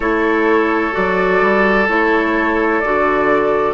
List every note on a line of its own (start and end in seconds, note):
0.00 0.92 A3
0.00 0.92 E4
0.00 3.73 A4
0.00 0.94 C#5
0.92 1.41 F#3
0.92 1.86 F#4
0.92 1.88 D5
1.41 1.88 G3
1.88 2.83 A3
1.88 2.82 E4
1.88 2.79 C#5
2.79 3.73 D3
2.79 3.73 F#4
2.79 3.73 D5